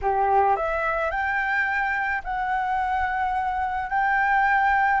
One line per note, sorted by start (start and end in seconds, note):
0.01 0.56 G4
0.56 1.10 E5
1.10 2.21 G5
2.23 3.89 F#5
3.89 5.00 G5